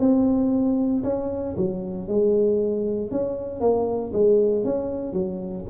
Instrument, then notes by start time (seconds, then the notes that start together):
tuba
0.00 C4
1.04 C#4
1.57 F#3
2.08 G#3
3.12 C#4
3.61 A#3
4.13 G#3
4.65 C#4
5.13 F#3